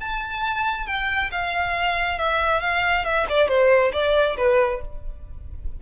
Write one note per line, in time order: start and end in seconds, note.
0.00 0.87 A5
0.87 1.31 G5
1.32 2.19 F5
2.19 2.61 E5
2.61 3.05 F5
3.05 3.27 E5
3.29 3.49 D5
3.49 3.92 C5
3.93 4.37 D5
4.37 4.81 B4